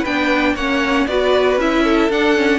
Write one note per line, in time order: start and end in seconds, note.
0.00 0.54 B3
0.00 0.56 D4
0.00 0.51 B4
0.00 0.56 G5
0.54 1.06 A#3
0.54 1.08 C#4
0.54 1.07 C#5
0.54 1.06 F#5
1.06 1.57 B3
1.06 1.59 F#4
1.06 1.83 B4
1.06 1.58 D5
1.57 2.08 C#4
1.57 2.11 E4
1.57 2.11 E5
1.83 2.58 A4
2.09 2.58 D4
2.09 2.36 D4
2.09 2.58 F#5
2.36 2.58 C#4